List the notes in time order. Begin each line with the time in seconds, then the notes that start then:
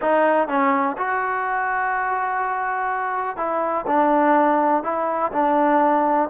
0.01 D#4
0.48 C#4
0.97 F#4
3.37 E4
3.87 D4
4.83 E4
5.32 D4